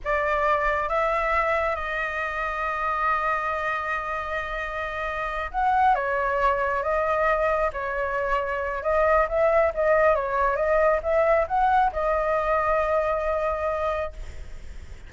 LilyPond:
\new Staff \with { instrumentName = "flute" } { \time 4/4 \tempo 4 = 136 d''2 e''2 | dis''1~ | dis''1~ | dis''8 fis''4 cis''2 dis''8~ |
dis''4. cis''2~ cis''8 | dis''4 e''4 dis''4 cis''4 | dis''4 e''4 fis''4 dis''4~ | dis''1 | }